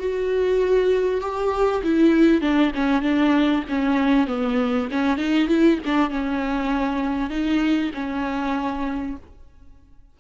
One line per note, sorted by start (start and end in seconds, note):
0.00 1.21 F#4
1.21 1.82 G4
1.84 2.42 E4
2.42 2.72 D4
2.75 3.03 C#4
3.03 3.64 D4
3.69 4.28 C#4
4.28 4.89 B3
4.91 5.18 C#4
5.18 5.49 D#4
5.49 5.79 E4
5.86 6.10 D4
6.10 7.31 C#4
7.31 7.92 D#4
7.95 9.17 C#4